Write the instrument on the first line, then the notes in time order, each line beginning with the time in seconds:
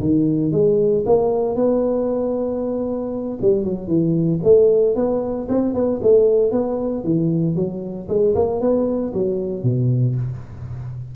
tuba
0.00 D#3
0.52 G#3
1.06 A#3
1.56 B3
3.42 G3
3.65 F#3
3.88 E3
4.44 A3
4.96 B3
5.49 C4
5.74 B3
6.03 A3
6.52 B3
7.04 E3
7.56 F#3
8.09 G#3
8.35 A#3
8.61 B3
9.14 F#3
9.64 B2